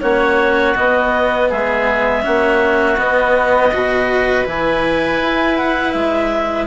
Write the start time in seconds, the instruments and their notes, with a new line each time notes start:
0.00 bassoon A#3, cello C#4, oboe F#4, clarinet C#5
0.75 cello B3, bassoon B3, clarinet D#5
1.49 bassoon G#3, oboe G#4, clarinet E5
2.22 bassoon A#3, cello C#4, oboe F#4
2.97 cello B3, bassoon B3, clarinet D#5
3.73 bassoon B2, cello F#4, oboe B4
4.45 bassoon E3, cello E4, clarinet G#5
5.22 bassoon E4
5.57 clarinet F#5
5.92 bassoon G#3, clarinet E5